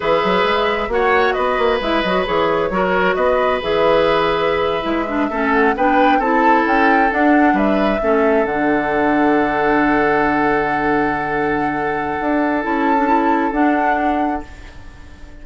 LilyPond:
<<
  \new Staff \with { instrumentName = "flute" } { \time 4/4 \tempo 4 = 133 e''2 fis''4 dis''4 | e''8 dis''8 cis''2 dis''4 | e''1~ | e''16 fis''8 g''4 a''4 g''4 fis''16~ |
fis''8. e''2 fis''4~ fis''16~ | fis''1~ | fis''1 | a''2 fis''2 | }
  \new Staff \with { instrumentName = "oboe" } { \time 4/4 b'2 cis''4 b'4~ | b'2 ais'4 b'4~ | b'2.~ b'8. a'16~ | a'8. b'4 a'2~ a'16~ |
a'8. b'4 a'2~ a'16~ | a'1~ | a'1~ | a'1 | }
  \new Staff \with { instrumentName = "clarinet" } { \time 4/4 gis'2 fis'2 | e'8 fis'8 gis'4 fis'2 | gis'2~ gis'8. e'8 d'8 cis'16~ | cis'8. d'4 e'2 d'16~ |
d'4.~ d'16 cis'4 d'4~ d'16~ | d'1~ | d'1 | e'8. d'16 e'4 d'2 | }
  \new Staff \with { instrumentName = "bassoon" } { \time 4/4 e8 fis8 gis4 ais4 b8 ais8 | gis8 fis8 e4 fis4 b4 | e2~ e8. gis4 a16~ | a8. b4 c'4 cis'4 d'16~ |
d'8. g4 a4 d4~ d16~ | d1~ | d2. d'4 | cis'2 d'2 | }
>>